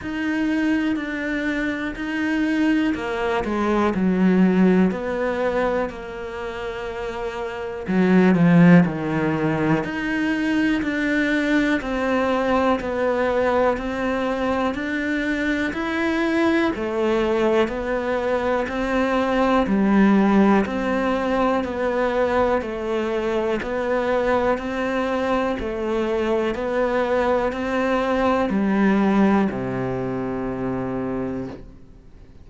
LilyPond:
\new Staff \with { instrumentName = "cello" } { \time 4/4 \tempo 4 = 61 dis'4 d'4 dis'4 ais8 gis8 | fis4 b4 ais2 | fis8 f8 dis4 dis'4 d'4 | c'4 b4 c'4 d'4 |
e'4 a4 b4 c'4 | g4 c'4 b4 a4 | b4 c'4 a4 b4 | c'4 g4 c2 | }